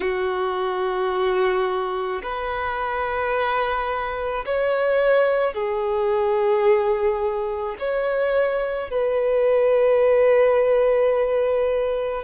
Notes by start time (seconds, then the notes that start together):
0.00 F#4
2.22 B4
4.45 C#5
5.53 G#4
7.79 C#5
8.90 B4